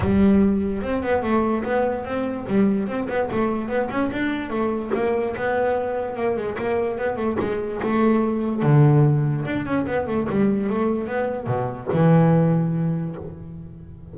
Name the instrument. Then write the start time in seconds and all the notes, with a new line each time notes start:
double bass
0.00 G3
0.82 C4
1.02 B3
1.22 A3
1.63 B3
2.05 C4
2.47 G3
2.87 C4
3.08 B3
3.31 A3
3.68 B3
3.90 C#4
4.11 D4
4.50 A3
4.94 A#3
5.36 B3
6.16 A#3
6.36 G#3
6.58 A#3
6.98 B3
7.16 A3
7.39 G#3
7.83 A3
8.62 D3
9.45 D4
9.65 C#4
9.86 B3
10.07 A3
10.29 G3
10.69 A3
11.07 B3
11.46 B2
11.92 E3